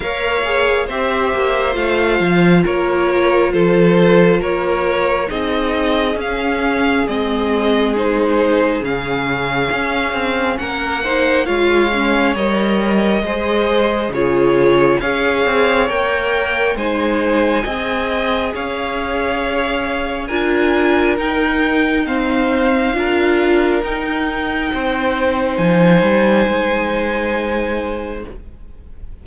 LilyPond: <<
  \new Staff \with { instrumentName = "violin" } { \time 4/4 \tempo 4 = 68 f''4 e''4 f''4 cis''4 | c''4 cis''4 dis''4 f''4 | dis''4 c''4 f''2 | fis''4 f''4 dis''2 |
cis''4 f''4 g''4 gis''4~ | gis''4 f''2 gis''4 | g''4 f''2 g''4~ | g''4 gis''2. | }
  \new Staff \with { instrumentName = "violin" } { \time 4/4 cis''4 c''2 ais'4 | a'4 ais'4 gis'2~ | gis'1 | ais'8 c''8 cis''2 c''4 |
gis'4 cis''2 c''4 | dis''4 cis''2 ais'4~ | ais'4 c''4 ais'2 | c''1 | }
  \new Staff \with { instrumentName = "viola" } { \time 4/4 ais'8 gis'8 g'4 f'2~ | f'2 dis'4 cis'4 | c'4 dis'4 cis'2~ | cis'8 dis'8 f'8 cis'8 ais'4 gis'4 |
f'4 gis'4 ais'4 dis'4 | gis'2. f'4 | dis'4 c'4 f'4 dis'4~ | dis'1 | }
  \new Staff \with { instrumentName = "cello" } { \time 4/4 ais4 c'8 ais8 a8 f8 ais4 | f4 ais4 c'4 cis'4 | gis2 cis4 cis'8 c'8 | ais4 gis4 g4 gis4 |
cis4 cis'8 c'8 ais4 gis4 | c'4 cis'2 d'4 | dis'2 d'4 dis'4 | c'4 f8 g8 gis2 | }
>>